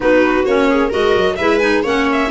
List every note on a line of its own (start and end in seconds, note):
0.00 0.46 B3
0.00 0.44 D#4
0.00 0.69 F#4
0.00 0.44 B4
0.44 0.92 A#3
0.44 0.90 C#4
0.44 0.90 C#5
0.69 0.89 G#4
0.89 1.15 G#3
0.89 1.36 F#4
0.89 1.35 A#4
0.89 1.36 D#5
1.15 1.38 F#3
1.36 1.84 G#3
1.36 1.60 E4
1.36 1.83 B4
1.36 1.58 E5
1.58 1.83 D#4
1.58 1.81 G#5
1.83 2.30 A#3
1.83 2.31 C#4
1.83 2.29 C#5
1.83 2.09 F#5
2.12 2.31 E5